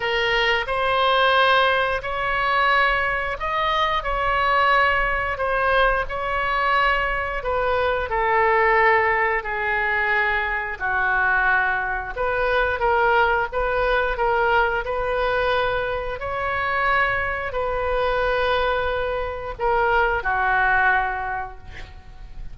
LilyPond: \new Staff \with { instrumentName = "oboe" } { \time 4/4 \tempo 4 = 89 ais'4 c''2 cis''4~ | cis''4 dis''4 cis''2 | c''4 cis''2 b'4 | a'2 gis'2 |
fis'2 b'4 ais'4 | b'4 ais'4 b'2 | cis''2 b'2~ | b'4 ais'4 fis'2 | }